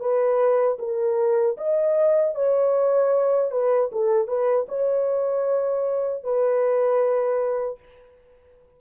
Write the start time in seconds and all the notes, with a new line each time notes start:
0.00 B4
0.79 A#4
1.57 D#5
2.35 C#5
3.51 B4
3.92 A4
4.28 B4
4.68 C#5
6.23 B4